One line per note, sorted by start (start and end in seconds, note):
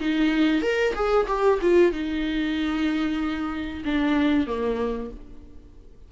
0.00 0.62 D#4
0.62 0.94 A#4
0.95 1.27 G#4
1.28 1.60 G4
1.62 1.92 F4
1.92 3.84 D#4
3.85 4.47 D4
4.47 5.11 A#3